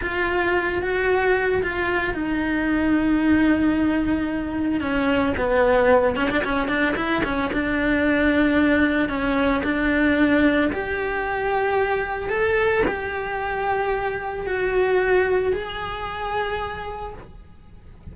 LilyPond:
\new Staff \with { instrumentName = "cello" } { \time 4/4 \tempo 4 = 112 f'4. fis'4. f'4 | dis'1~ | dis'4 cis'4 b4. cis'16 d'16 | cis'8 d'8 e'8 cis'8 d'2~ |
d'4 cis'4 d'2 | g'2. a'4 | g'2. fis'4~ | fis'4 gis'2. | }